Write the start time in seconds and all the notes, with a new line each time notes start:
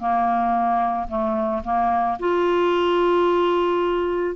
0.00 A#3
1.09 A3
1.65 A#3
2.20 F4